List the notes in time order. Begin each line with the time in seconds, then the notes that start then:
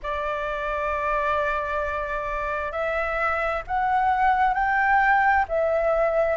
0.02 D5
2.71 E5
3.67 F#5
4.54 G5
5.48 E5